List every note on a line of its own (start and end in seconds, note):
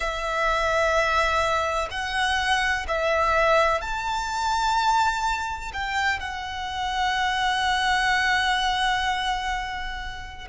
0.00 1.88 E5
1.90 2.86 F#5
2.88 3.81 E5
3.81 5.71 A5
5.73 6.19 G5
6.19 10.48 F#5